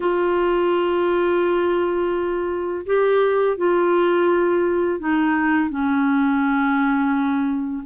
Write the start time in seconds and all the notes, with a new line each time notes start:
0.00 F4
2.86 G4
3.57 F4
4.99 D#4
5.69 C#4